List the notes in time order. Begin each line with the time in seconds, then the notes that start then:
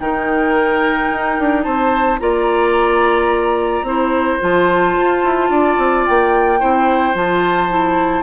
0.00 D#3 D#4 A#4 G5
1.10 D#4
1.39 D4
1.63 C4 C5 A5
2.19 A#3 F4 D5 A#5
3.82 C4 E4 C5
4.40 F3 F4 A5
4.98 F4
5.24 E4
5.49 D4 D5
5.78 C4
6.06 A#3 G5
6.59 C4 E4 C5
7.15 F3 F4 A5
7.70 E4